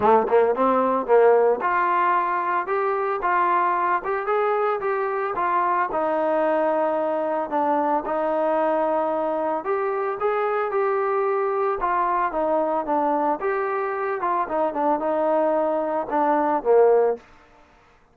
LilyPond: \new Staff \with { instrumentName = "trombone" } { \time 4/4 \tempo 4 = 112 a8 ais8 c'4 ais4 f'4~ | f'4 g'4 f'4. g'8 | gis'4 g'4 f'4 dis'4~ | dis'2 d'4 dis'4~ |
dis'2 g'4 gis'4 | g'2 f'4 dis'4 | d'4 g'4. f'8 dis'8 d'8 | dis'2 d'4 ais4 | }